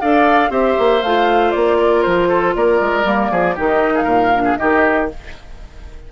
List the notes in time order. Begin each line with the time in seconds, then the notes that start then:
0.00 D4 A4 D5 F5
0.49 C4 G4 C5 E5
0.78 A#3
1.02 A3 F4 F5
1.51 A#3 D5
1.78 A#4
2.02 F3 C5
2.28 A4
2.55 A#3 A#4 D5
2.80 G#3
3.04 G3 A#3
3.30 F3 G#4
3.55 D#3 D#4 G4 D#5
3.94 G#4 F5
4.03 A#2 A#4
4.34 D4
4.44 G#4
4.56 D#3 D#4 G4 D#5